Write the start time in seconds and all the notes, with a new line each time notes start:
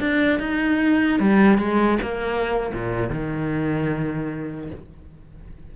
0.00 D4
0.40 D#4
1.20 G3
1.58 G#3
2.02 A#3
2.74 A#2
3.10 D#3